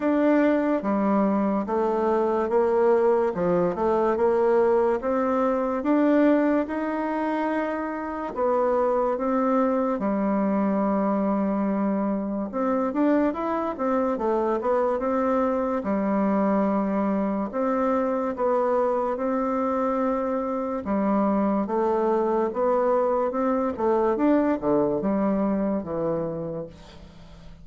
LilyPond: \new Staff \with { instrumentName = "bassoon" } { \time 4/4 \tempo 4 = 72 d'4 g4 a4 ais4 | f8 a8 ais4 c'4 d'4 | dis'2 b4 c'4 | g2. c'8 d'8 |
e'8 c'8 a8 b8 c'4 g4~ | g4 c'4 b4 c'4~ | c'4 g4 a4 b4 | c'8 a8 d'8 d8 g4 e4 | }